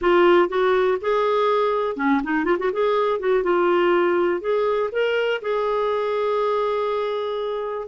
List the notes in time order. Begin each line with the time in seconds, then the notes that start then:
0.01 F4
0.49 F#4
1.01 G#4
1.96 C#4
2.23 D#4
2.45 F4
2.58 F#4
2.72 G#4
3.19 F#4
3.43 F4
4.40 G#4
4.92 A#4
5.41 G#4